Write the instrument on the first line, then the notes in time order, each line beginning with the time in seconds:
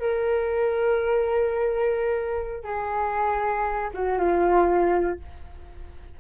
flute
0.00 A#4
2.64 G#4
3.94 F#4
4.19 F4